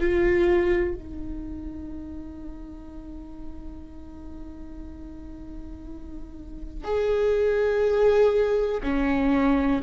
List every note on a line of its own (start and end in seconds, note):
0.00 0.95 F4
0.95 6.85 D#4
6.85 8.81 G#4
8.83 9.81 C#4